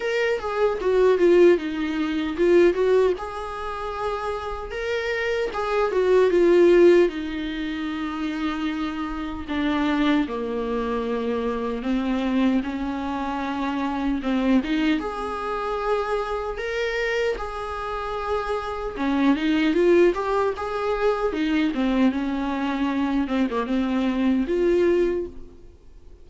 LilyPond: \new Staff \with { instrumentName = "viola" } { \time 4/4 \tempo 4 = 76 ais'8 gis'8 fis'8 f'8 dis'4 f'8 fis'8 | gis'2 ais'4 gis'8 fis'8 | f'4 dis'2. | d'4 ais2 c'4 |
cis'2 c'8 dis'8 gis'4~ | gis'4 ais'4 gis'2 | cis'8 dis'8 f'8 g'8 gis'4 dis'8 c'8 | cis'4. c'16 ais16 c'4 f'4 | }